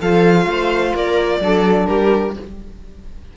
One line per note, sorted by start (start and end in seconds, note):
0.00 0.46 F3
0.00 1.40 F4
0.00 0.48 A4
0.00 0.95 F5
0.46 0.93 A3
0.46 0.94 C5
0.94 1.40 A#3
0.94 1.41 A#4
0.94 1.86 D5
1.40 1.87 F#3
1.40 2.34 D4
1.40 1.88 A4
1.86 2.36 G3
1.86 2.35 G4
1.86 2.33 A#4